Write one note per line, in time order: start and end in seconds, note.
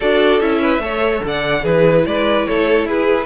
0.00 0.40 D4
0.00 0.40 F#4
0.00 0.61 A4
0.00 0.40 D5
0.40 0.79 C#4
0.40 0.80 E4
0.40 1.22 E5
0.61 0.81 B4
0.79 1.20 A3
0.79 1.62 A4
0.79 1.24 C#5
1.24 1.63 D3
1.24 1.62 D5
1.24 1.65 F#5
1.62 2.04 E3
1.62 3.26 E4
1.62 2.03 G#4
1.62 2.06 B4
2.06 2.47 G#3
2.06 2.48 B4
2.06 2.46 D5
2.46 2.84 A3
2.46 2.88 A4
2.46 2.87 C#5
2.84 3.26 E4
2.84 3.26 G#4
2.84 3.26 B4